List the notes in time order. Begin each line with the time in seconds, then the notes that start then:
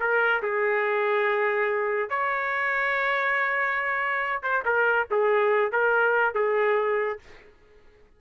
0.00 A#4
0.42 G#4
2.10 C#5
4.43 C5
4.65 A#4
5.11 G#4
5.72 A#4
6.35 G#4